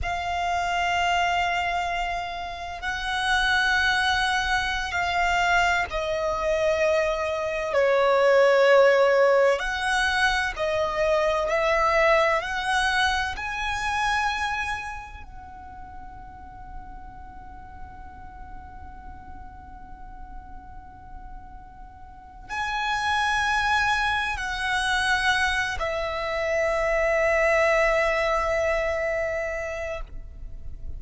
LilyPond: \new Staff \with { instrumentName = "violin" } { \time 4/4 \tempo 4 = 64 f''2. fis''4~ | fis''4~ fis''16 f''4 dis''4.~ dis''16~ | dis''16 cis''2 fis''4 dis''8.~ | dis''16 e''4 fis''4 gis''4.~ gis''16~ |
gis''16 fis''2.~ fis''8.~ | fis''1 | gis''2 fis''4. e''8~ | e''1 | }